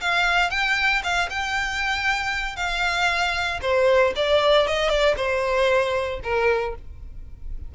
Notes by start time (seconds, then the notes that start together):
0.00 F5
0.50 G5
1.03 F5
1.29 G5
2.56 F5
3.61 C5
4.15 D5
4.67 D#5
4.89 D5
5.16 C5
6.23 A#4